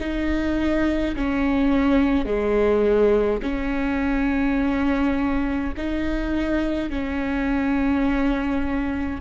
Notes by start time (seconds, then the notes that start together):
0.00 D#4
1.16 C#4
2.26 G#3
3.42 C#4
5.77 D#4
6.90 C#4